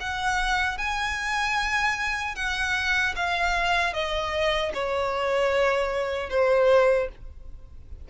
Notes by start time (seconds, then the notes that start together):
0.00 F#5
0.78 G#5
2.35 F#5
3.15 F5
3.93 D#5
4.73 C#5
6.29 C5